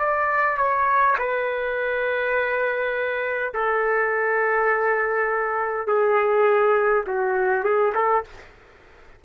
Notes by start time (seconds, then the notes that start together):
0.00 D5
0.58 C#5
1.19 B4
3.55 A4
5.88 G#4
7.07 F#4
7.65 G#4
7.95 A4